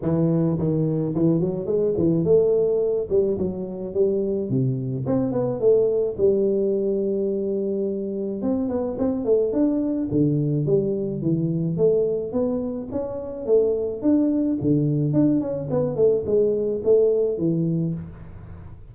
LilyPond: \new Staff \with { instrumentName = "tuba" } { \time 4/4 \tempo 4 = 107 e4 dis4 e8 fis8 gis8 e8 | a4. g8 fis4 g4 | c4 c'8 b8 a4 g4~ | g2. c'8 b8 |
c'8 a8 d'4 d4 g4 | e4 a4 b4 cis'4 | a4 d'4 d4 d'8 cis'8 | b8 a8 gis4 a4 e4 | }